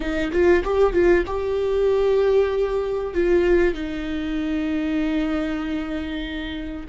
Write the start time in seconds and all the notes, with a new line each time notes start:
0.00 D#4
0.32 F4
0.64 G4
0.92 F4
1.26 G4
3.14 F4
3.74 D#4